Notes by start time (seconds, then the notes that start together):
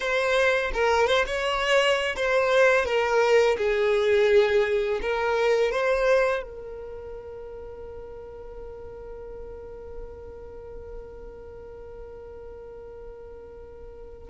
0.00 C5
0.73 A#4
1.07 C5
1.26 C#5
2.16 C5
2.85 A#4
3.57 G#4
5.01 A#4
5.71 C5
6.43 A#4